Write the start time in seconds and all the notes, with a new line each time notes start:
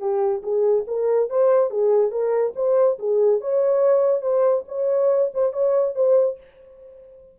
0.00 G4
0.43 G#4
0.87 A#4
1.30 C5
1.71 G#4
2.12 A#4
2.56 C5
2.99 G#4
3.41 C#5
4.22 C5
4.68 C#5
5.35 C5
5.53 C#5
5.96 C5